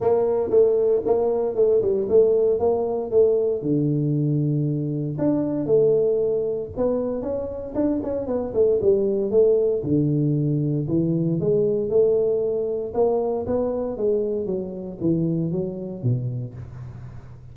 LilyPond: \new Staff \with { instrumentName = "tuba" } { \time 4/4 \tempo 4 = 116 ais4 a4 ais4 a8 g8 | a4 ais4 a4 d4~ | d2 d'4 a4~ | a4 b4 cis'4 d'8 cis'8 |
b8 a8 g4 a4 d4~ | d4 e4 gis4 a4~ | a4 ais4 b4 gis4 | fis4 e4 fis4 b,4 | }